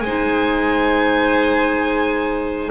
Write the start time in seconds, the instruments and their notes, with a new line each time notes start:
0.00 double bass G#3, violin C5 G#5
0.07 clarinet D#4